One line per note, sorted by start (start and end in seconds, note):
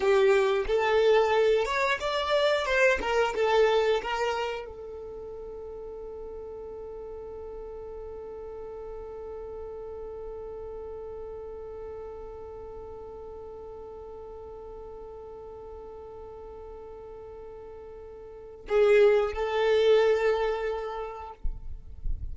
0.00 0.65 G4
0.67 1.65 A4
1.65 1.98 C#5
2.00 2.65 D5
2.65 2.98 C5
3.01 3.34 A#4
3.35 4.02 A4
4.02 4.66 A#4
4.66 18.66 A4
18.68 19.33 G#4
19.33 21.33 A4